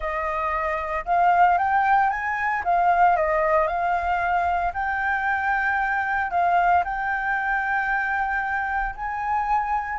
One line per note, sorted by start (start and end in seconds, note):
0.00 1.05 D#5
1.05 1.57 F5
1.58 2.10 G5
2.10 2.62 G#5
2.64 3.16 F5
3.16 3.67 D#5
3.67 4.72 F5
4.73 6.30 G5
6.30 6.83 F5
6.84 8.95 G5
8.95 9.99 G#5